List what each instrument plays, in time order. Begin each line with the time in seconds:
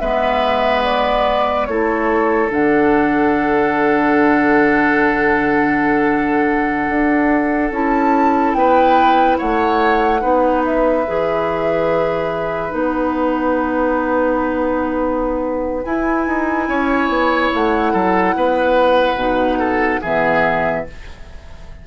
0.00 bassoon G#3, clarinet B3, oboe B4, flute E5
0.85 flute D5
1.66 bassoon A3, clarinet E4, oboe A4, flute C#5
2.50 bassoon D3, clarinet D4, flute F#5
6.89 bassoon D4
7.71 bassoon C#4, clarinet E4, flute A5
8.54 bassoon B3, oboe B4, flute G5
9.39 bassoon A3, oboe C#5, flute F#5
10.21 bassoon B3, clarinet D#4, oboe B4
10.65 flute E5
11.08 bassoon E3, clarinet G#4
12.70 bassoon B3, clarinet D#4, flute F#5
15.85 bassoon E4, clarinet E4, flute G#5
16.27 bassoon D#4
16.69 bassoon C#4, oboe C#5
17.09 bassoon B3
17.54 bassoon A3, flute F#5
17.93 bassoon F#3, oboe A4
18.36 bassoon B3, oboe B4
19.16 bassoon B2, clarinet D#4
19.59 oboe A4
20.02 bassoon E3, clarinet B3, oboe G#4, flute E5